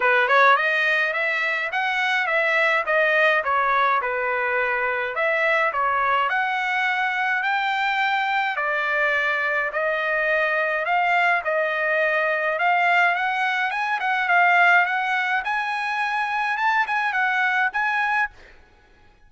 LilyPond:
\new Staff \with { instrumentName = "trumpet" } { \time 4/4 \tempo 4 = 105 b'8 cis''8 dis''4 e''4 fis''4 | e''4 dis''4 cis''4 b'4~ | b'4 e''4 cis''4 fis''4~ | fis''4 g''2 d''4~ |
d''4 dis''2 f''4 | dis''2 f''4 fis''4 | gis''8 fis''8 f''4 fis''4 gis''4~ | gis''4 a''8 gis''8 fis''4 gis''4 | }